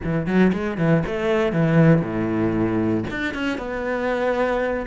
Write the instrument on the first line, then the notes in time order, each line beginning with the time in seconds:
cello
0.03 E3
0.26 F#3
0.52 G#3
0.77 E3
1.06 A3
1.52 E3
2.01 A2
3.10 D4
3.34 C#4
3.58 B3